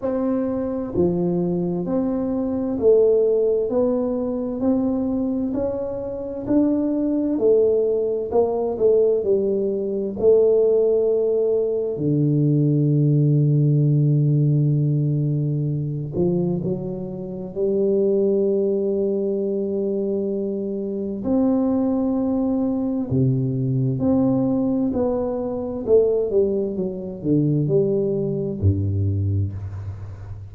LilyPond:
\new Staff \with { instrumentName = "tuba" } { \time 4/4 \tempo 4 = 65 c'4 f4 c'4 a4 | b4 c'4 cis'4 d'4 | a4 ais8 a8 g4 a4~ | a4 d2.~ |
d4. f8 fis4 g4~ | g2. c'4~ | c'4 c4 c'4 b4 | a8 g8 fis8 d8 g4 g,4 | }